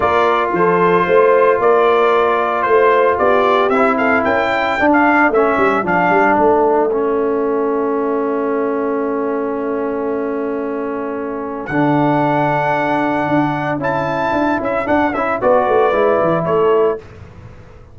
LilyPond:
<<
  \new Staff \with { instrumentName = "trumpet" } { \time 4/4 \tempo 4 = 113 d''4 c''2 d''4~ | d''4 c''4 d''4 e''8 f''8 | g''4~ g''16 f''8. e''4 f''4 | e''1~ |
e''1~ | e''2 fis''2~ | fis''2 a''4. e''8 | fis''8 e''8 d''2 cis''4 | }
  \new Staff \with { instrumentName = "horn" } { \time 4/4 ais'4 a'4 c''4 ais'4~ | ais'4 c''4 g'4. a'8 | ais'8 a'2.~ a'8~ | a'1~ |
a'1~ | a'1~ | a'1~ | a'4 b'2 a'4 | }
  \new Staff \with { instrumentName = "trombone" } { \time 4/4 f'1~ | f'2. e'4~ | e'4 d'4 cis'4 d'4~ | d'4 cis'2.~ |
cis'1~ | cis'2 d'2~ | d'2 e'2 | d'8 e'8 fis'4 e'2 | }
  \new Staff \with { instrumentName = "tuba" } { \time 4/4 ais4 f4 a4 ais4~ | ais4 a4 b4 c'4 | cis'4 d'4 a8 g8 f8 g8 | a1~ |
a1~ | a2 d2~ | d4 d'4 cis'4 d'8 cis'8 | d'8 cis'8 b8 a8 gis8 e8 a4 | }
>>